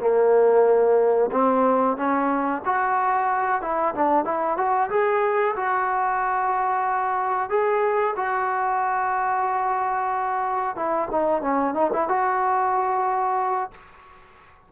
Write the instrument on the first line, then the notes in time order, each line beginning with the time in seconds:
trombone
0.00 A#3
1.31 C4
1.97 C#4
2.65 F#4
3.62 E4
3.95 D4
4.25 E4
4.57 F#4
4.90 G#4
5.56 F#4
7.50 G#4
8.16 F#4
10.76 E4
11.11 D#4
11.42 C#4
11.74 D#4
11.93 E4
12.08 F#4